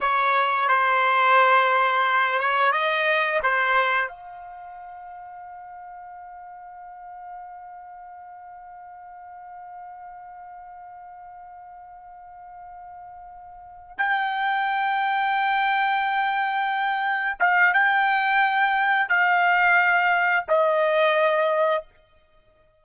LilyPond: \new Staff \with { instrumentName = "trumpet" } { \time 4/4 \tempo 4 = 88 cis''4 c''2~ c''8 cis''8 | dis''4 c''4 f''2~ | f''1~ | f''1~ |
f''1~ | f''8 g''2.~ g''8~ | g''4. f''8 g''2 | f''2 dis''2 | }